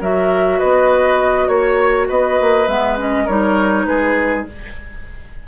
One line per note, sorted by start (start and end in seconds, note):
0.00 0.60 F#3
0.00 2.68 F#4
0.00 0.58 A#4
0.00 0.59 E5
0.58 1.47 B3
0.58 1.48 B4
0.58 1.48 D#5
1.47 2.07 A#3
1.47 2.07 C#5
2.08 2.39 B3
2.08 3.25 B4
2.08 2.68 D#5
2.40 2.67 A#3
2.67 3.27 G#3
2.67 2.97 B3
2.67 2.97 E5
2.97 3.27 C#4
2.97 3.27 D#5
3.25 3.86 G3
3.25 4.47 D#4
3.25 3.84 A#4
3.25 3.85 C#5
3.85 4.45 G#3
3.85 4.47 G#4
3.85 4.45 B4